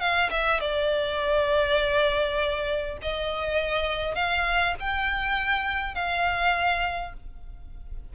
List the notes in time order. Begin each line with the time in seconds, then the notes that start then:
0.00 F5
0.31 E5
0.60 D5
3.02 D#5
4.15 F5
4.80 G5
5.95 F5